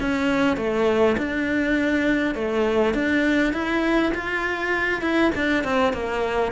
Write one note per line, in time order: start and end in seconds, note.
0.00 0.57 C#4
0.57 1.16 A3
1.17 2.35 D4
2.35 2.94 A3
2.94 3.53 D4
3.53 4.13 E4
4.14 5.01 F4
5.01 5.31 E4
5.35 5.64 D4
5.64 5.94 C4
5.94 6.52 A#3